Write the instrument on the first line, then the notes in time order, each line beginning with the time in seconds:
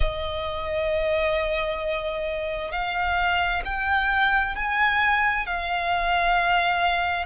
violin
0.00 D#5
2.71 F5
3.64 G5
4.55 G#5
5.46 F5